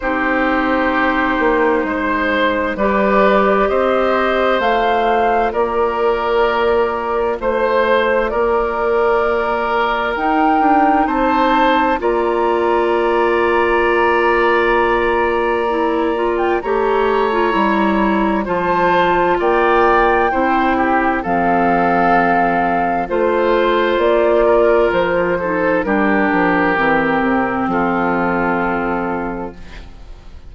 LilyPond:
<<
  \new Staff \with { instrumentName = "flute" } { \time 4/4 \tempo 4 = 65 c''2. d''4 | dis''4 f''4 d''2 | c''4 d''2 g''4 | a''4 ais''2.~ |
ais''4.~ ais''16 g''16 ais''2 | a''4 g''2 f''4~ | f''4 c''4 d''4 c''4 | ais'2 a'2 | }
  \new Staff \with { instrumentName = "oboe" } { \time 4/4 g'2 c''4 b'4 | c''2 ais'2 | c''4 ais'2. | c''4 d''2.~ |
d''2 cis''2 | c''4 d''4 c''8 g'8 a'4~ | a'4 c''4. ais'4 a'8 | g'2 f'2 | }
  \new Staff \with { instrumentName = "clarinet" } { \time 4/4 dis'2. g'4~ | g'4 f'2.~ | f'2. dis'4~ | dis'4 f'2.~ |
f'4 e'8 f'8 g'8. f'16 e'4 | f'2 e'4 c'4~ | c'4 f'2~ f'8 dis'8 | d'4 c'2. | }
  \new Staff \with { instrumentName = "bassoon" } { \time 4/4 c'4. ais8 gis4 g4 | c'4 a4 ais2 | a4 ais2 dis'8 d'8 | c'4 ais2.~ |
ais2 a4 g4 | f4 ais4 c'4 f4~ | f4 a4 ais4 f4 | g8 f8 e8 c8 f2 | }
>>